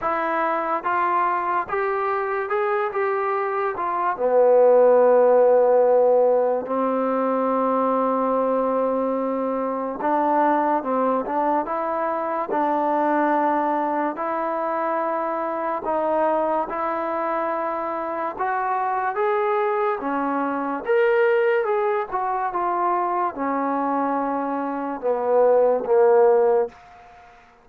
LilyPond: \new Staff \with { instrumentName = "trombone" } { \time 4/4 \tempo 4 = 72 e'4 f'4 g'4 gis'8 g'8~ | g'8 f'8 b2. | c'1 | d'4 c'8 d'8 e'4 d'4~ |
d'4 e'2 dis'4 | e'2 fis'4 gis'4 | cis'4 ais'4 gis'8 fis'8 f'4 | cis'2 b4 ais4 | }